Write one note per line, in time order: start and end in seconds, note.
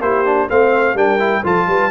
0.00 0.48 A#3
0.00 0.25 E4
0.00 0.49 G4
0.00 0.50 C5
0.25 0.49 D4
0.49 0.95 A3
0.49 0.96 C4
0.49 0.95 C5
0.49 0.97 F5
0.95 1.42 G3
0.95 1.19 D4
0.95 1.42 A#4
0.95 1.45 G5
1.19 1.43 E4
1.44 1.67 F3
1.44 1.91 F4
1.44 1.68 A4
1.44 1.91 A5
1.67 1.91 G3
1.67 1.91 B4